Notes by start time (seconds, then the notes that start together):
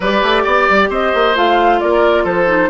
0.00 G3 G4 B4 D5
0.22 A3
0.44 B3 D5
0.69 G3
0.89 C4 C5 D#5
1.14 A#3
1.35 A3 F4 F5
1.80 A#3 A#4 D5
2.23 F3 A4 C5
2.47 D#4